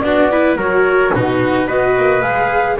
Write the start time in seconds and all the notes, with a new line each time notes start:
0.00 B3 D4 F#4 D5
0.32 E4 B4
0.57 F#3 F#4 A#4 C#5
1.15 B2 D#4 F#4 B4
1.68 B3 F#4 B4 D#5
1.97 A#3
2.22 G#3 G#4 F5